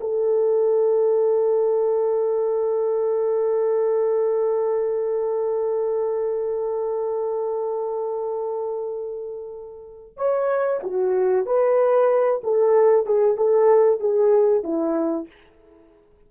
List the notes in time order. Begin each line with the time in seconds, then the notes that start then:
0.00 A4
10.17 C#5
10.83 F#4
11.46 B4
12.43 A4
13.06 G#4
13.36 A4
14.00 G#4
14.63 E4